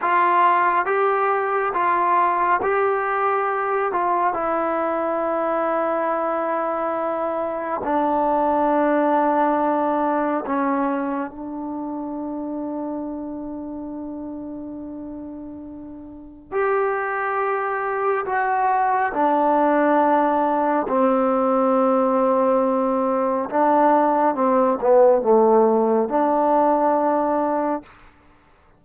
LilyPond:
\new Staff \with { instrumentName = "trombone" } { \time 4/4 \tempo 4 = 69 f'4 g'4 f'4 g'4~ | g'8 f'8 e'2.~ | e'4 d'2. | cis'4 d'2.~ |
d'2. g'4~ | g'4 fis'4 d'2 | c'2. d'4 | c'8 b8 a4 d'2 | }